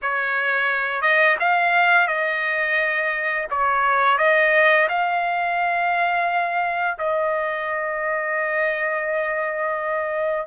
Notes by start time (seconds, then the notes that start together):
0.02 C#5
1.01 D#5
1.40 F5
2.07 D#5
3.50 C#5
4.18 D#5
4.88 F5
6.98 D#5